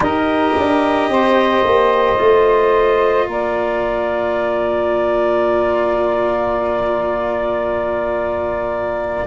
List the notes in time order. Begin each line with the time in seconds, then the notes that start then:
0.00 D#4 G4 A#4 D#5
0.57 D4
1.08 C4 C5
1.64 A#3
2.16 A3 F4
3.26 A#3 A#4 D5